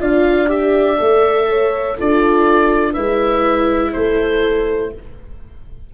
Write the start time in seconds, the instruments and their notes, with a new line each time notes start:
0.00 tuba D4, viola F4, horn D5, oboe F5
0.47 viola G4, oboe E5
0.98 tuba A3, viola A4
1.49 horn C#5
1.98 tuba D4, viola F4, horn A4, oboe D5
2.93 tuba G#3, viola E4, horn B4, oboe E5
3.93 tuba A3, horn A4, oboe C5